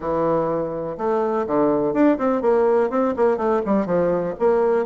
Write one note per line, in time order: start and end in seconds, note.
0.00 0.97 E3
0.97 1.45 A3
1.46 1.93 D3
1.93 2.17 D4
2.18 2.41 C4
2.41 2.89 A#3
2.90 3.14 C4
3.16 3.37 A#3
3.37 3.61 A3
3.65 3.86 G3
3.86 4.34 F3
4.39 4.85 A#3